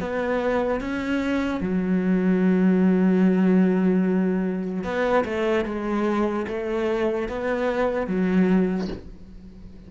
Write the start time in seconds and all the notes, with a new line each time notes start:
0.00 B3
0.81 C#4
1.61 F#3
4.84 B3
5.24 A3
5.65 G#3
6.48 A3
7.29 B3
8.07 F#3